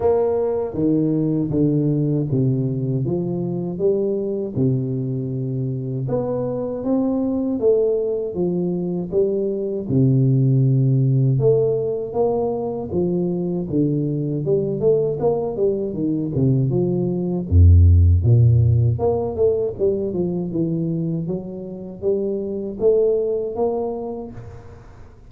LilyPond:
\new Staff \with { instrumentName = "tuba" } { \time 4/4 \tempo 4 = 79 ais4 dis4 d4 c4 | f4 g4 c2 | b4 c'4 a4 f4 | g4 c2 a4 |
ais4 f4 d4 g8 a8 | ais8 g8 dis8 c8 f4 f,4 | ais,4 ais8 a8 g8 f8 e4 | fis4 g4 a4 ais4 | }